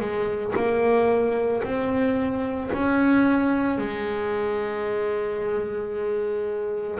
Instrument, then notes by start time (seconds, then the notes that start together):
double bass
0.00 G#3
0.55 A#3
1.63 C4
2.73 C#4
3.77 G#3